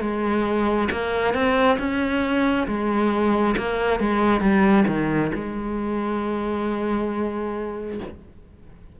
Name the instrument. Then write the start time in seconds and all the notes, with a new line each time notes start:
cello
0.00 G#3
0.91 A#3
1.33 C4
1.78 C#4
2.67 G#3
3.57 A#3
3.99 G#3
4.40 G3
4.87 D#3
5.34 G#3